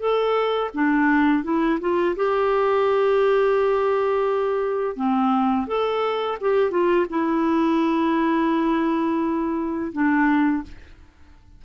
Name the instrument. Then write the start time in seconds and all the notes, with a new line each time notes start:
clarinet
0.00 A4
0.74 D4
1.44 E4
1.81 F4
2.16 G4
4.96 C4
5.67 A4
6.41 G4
6.71 F4
7.10 E4
9.93 D4